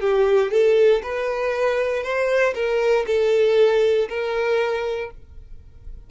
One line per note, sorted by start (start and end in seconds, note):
0.00 0.51 G4
0.51 1.02 A4
1.03 2.03 B4
2.03 2.54 C5
2.55 3.06 A#4
3.06 4.08 A4
4.09 5.10 A#4